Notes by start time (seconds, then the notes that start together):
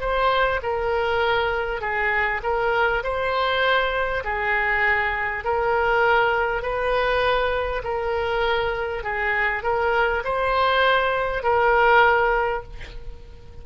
0.00 C5
0.63 A#4
1.81 G#4
2.43 A#4
3.03 C5
4.24 G#4
5.44 A#4
6.62 B4
7.84 A#4
9.03 G#4
9.63 A#4
10.24 C5
11.43 A#4